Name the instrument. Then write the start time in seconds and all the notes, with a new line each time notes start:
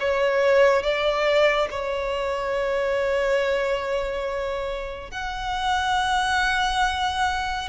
violin
0.00 C#5
0.83 D5
1.71 C#5
5.11 F#5